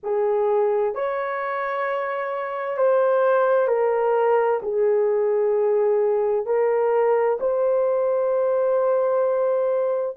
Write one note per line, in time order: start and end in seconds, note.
0.03 0.94 G#4
0.94 2.77 C#5
2.77 3.67 C5
3.67 4.59 A#4
4.62 6.46 G#4
6.46 7.38 A#4
7.39 10.16 C5